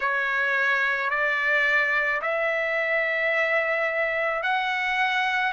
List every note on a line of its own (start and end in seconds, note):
0.00 1.10 C#5
1.10 2.21 D5
2.21 4.42 E5
4.42 5.52 F#5